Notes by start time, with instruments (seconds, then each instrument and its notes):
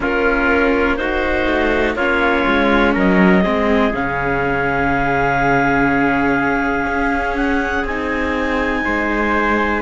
0.00 cello A#3, viola C#4, trumpet F4, clarinet A#4
0.95 viola D#4, trumpet F#4, clarinet C5
1.46 cello A3
1.95 cello A#3, viola C#4, trumpet F4, clarinet C#5
2.47 cello G#3
2.93 cello F#3, trumpet A#4, clarinet D#5
3.42 cello G#3, viola C4, trumpet G#4
3.93 cello C#3, viola C#4, clarinet F5
6.86 cello C#4
7.35 clarinet F#5
7.84 cello C4, viola D#4, clarinet G#5
8.84 cello G#3, trumpet C5